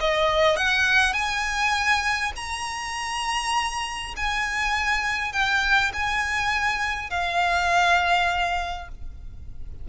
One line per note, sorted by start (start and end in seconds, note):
0.00 0.56 D#5
0.56 1.13 F#5
1.13 2.32 G#5
2.36 4.14 A#5
4.16 5.32 G#5
5.32 5.91 G5
5.93 7.10 G#5
7.10 8.88 F5